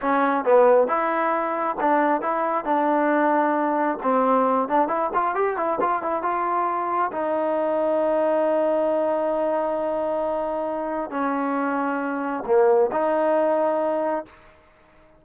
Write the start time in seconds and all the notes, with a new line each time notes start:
0.01 C#4
0.44 B3
0.87 E4
1.80 D4
2.21 E4
2.64 D4
4.02 C4
4.68 D4
4.87 E4
5.14 F4
5.35 G4
5.56 E4
5.80 F4
6.02 E4
6.22 F4
7.12 D#4
11.10 C#4
12.46 A#3
12.92 D#4